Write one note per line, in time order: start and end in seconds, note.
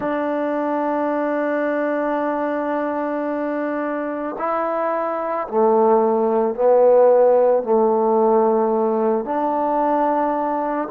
0.00 4.35 D4
4.38 5.47 E4
5.48 6.55 A3
6.55 7.63 B3
7.63 9.24 A3
9.24 10.88 D4